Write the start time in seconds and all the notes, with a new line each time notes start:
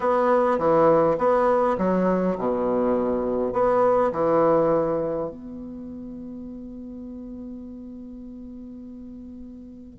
0.00 B3
0.58 E3
1.18 B3
1.78 F#3
2.38 B2
3.52 B3
4.12 E3
5.29 B3